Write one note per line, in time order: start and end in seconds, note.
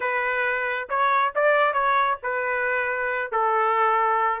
0.00 0.88 B4
0.89 1.33 C#5
1.35 1.73 D5
1.73 2.17 C#5
2.22 3.31 B4
3.31 4.40 A4